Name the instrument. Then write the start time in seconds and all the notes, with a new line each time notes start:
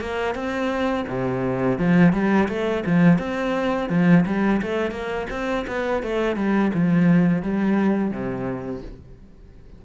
cello
0.00 A#3
0.34 C4
1.08 C3
1.78 F3
2.12 G3
2.48 A3
2.86 F3
3.18 C4
3.89 F3
4.26 G3
4.62 A3
4.91 A#3
5.30 C4
5.67 B3
6.02 A3
6.36 G3
6.74 F3
7.42 G3
8.11 C3